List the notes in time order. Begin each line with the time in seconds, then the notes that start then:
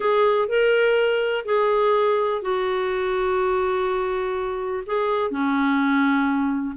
0.00 G#4
0.48 A#4
1.45 G#4
2.41 F#4
4.86 G#4
5.30 C#4